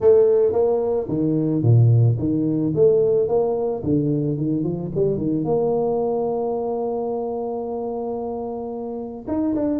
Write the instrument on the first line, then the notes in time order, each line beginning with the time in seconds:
tuba
0.00 A3
0.52 A#3
1.08 D#3
1.62 A#2
2.18 D#3
2.75 A3
3.28 A#3
3.83 D3
4.37 D#3
4.63 F3
4.94 G3
5.17 D#3
5.44 A#3
9.27 D#4
9.55 D4